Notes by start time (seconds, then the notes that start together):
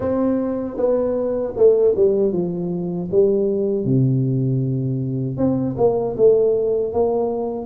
0.00 C4
0.76 B3
1.56 A3
1.96 G3
2.32 F3
3.11 G3
3.84 C3
5.37 C4
5.77 A#3
6.16 A3
6.92 A#3